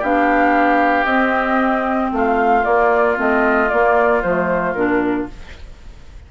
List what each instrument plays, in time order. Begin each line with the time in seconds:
0.00 bassoon B3, clarinet D4, oboe G4, flute F5
1.05 bassoon C4, clarinet C4, flute D#5
2.12 bassoon A3, oboe F4, flute F5
2.63 clarinet A#3, bassoon A#3, flute D5
3.16 bassoon A3, clarinet C4, flute D#5
3.69 clarinet A#3, bassoon A#3, flute D5
4.23 bassoon F3, clarinet A3, flute C5
4.74 bassoon A#2, clarinet D4, flute A#4